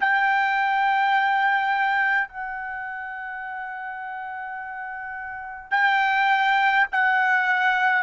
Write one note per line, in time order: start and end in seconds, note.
0.00 2.28 G5
2.28 5.71 F#5
5.71 6.87 G5
6.92 8.02 F#5